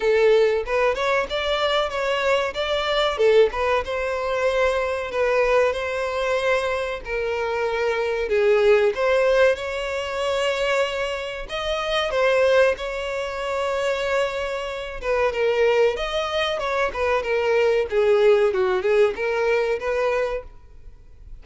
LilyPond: \new Staff \with { instrumentName = "violin" } { \time 4/4 \tempo 4 = 94 a'4 b'8 cis''8 d''4 cis''4 | d''4 a'8 b'8 c''2 | b'4 c''2 ais'4~ | ais'4 gis'4 c''4 cis''4~ |
cis''2 dis''4 c''4 | cis''2.~ cis''8 b'8 | ais'4 dis''4 cis''8 b'8 ais'4 | gis'4 fis'8 gis'8 ais'4 b'4 | }